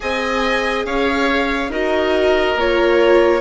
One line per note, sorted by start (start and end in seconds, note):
0.00 0.85 C4
0.00 1.71 G#4
0.00 0.86 D#5
0.00 0.85 G#5
0.85 1.69 C#4
0.85 1.71 C#5
0.85 1.71 F5
1.69 2.54 D#4
1.69 2.57 F#4
1.69 3.40 A#4
1.69 2.59 D#5
2.55 3.40 A#3
2.55 3.40 F4
2.55 3.40 C#5